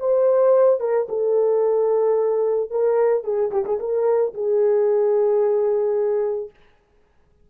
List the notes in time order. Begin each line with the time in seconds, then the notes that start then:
0.00 C5
0.81 A#4
1.10 A4
2.71 A#4
3.24 G#4
3.52 G4
3.66 G#4
3.80 A#4
4.34 G#4